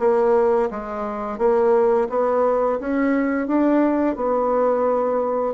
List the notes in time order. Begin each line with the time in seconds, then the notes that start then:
0.00 A#3
0.71 G#3
1.39 A#3
2.10 B3
2.80 C#4
3.48 D4
4.16 B3